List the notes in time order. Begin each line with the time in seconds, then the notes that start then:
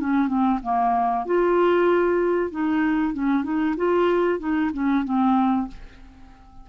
0.00 C#4
0.28 C4
0.62 A#3
1.26 F4
2.51 D#4
3.14 C#4
3.44 D#4
3.77 F4
4.40 D#4
4.73 C#4
5.04 C4